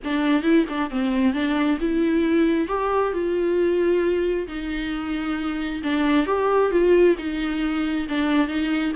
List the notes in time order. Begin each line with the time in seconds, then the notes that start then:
0.03 D4
0.43 E4
0.68 D4
0.90 C4
1.33 D4
1.80 E4
2.67 G4
3.13 F4
4.47 D#4
5.83 D4
6.26 G4
6.71 F4
7.17 D#4
8.08 D4
8.47 D#4